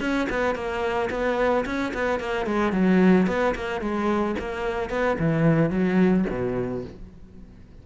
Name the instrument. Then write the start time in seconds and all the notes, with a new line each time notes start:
cello
0.00 C#4
0.29 B3
0.55 A#3
1.10 B3
1.65 C#4
1.93 B3
2.20 A#3
2.46 G#3
2.72 F#3
3.27 B3
3.55 A#3
3.81 G#3
4.39 A#3
4.90 B3
5.19 E3
5.70 F#3
6.30 B2